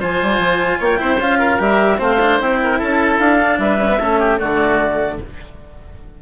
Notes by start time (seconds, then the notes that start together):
0.00 F3 F4 C5 G#5
0.22 G3
0.39 F3
0.79 A#3 C#5 G5
0.98 C4 E4 C5
1.18 C#4 F4 F5
1.39 A#4
1.59 G3 G4 E5
1.98 A3 C4 C5 F5
2.20 D4
2.41 C4 E4 G5
2.63 A#4
2.79 C#4 A4 A5
3.19 D4 F5
3.41 D4
3.58 G3 B4 E5
3.82 C#4
3.89 B3
4.00 A3 C#4 A4
4.20 G4
4.38 D3 A3 F#4 D5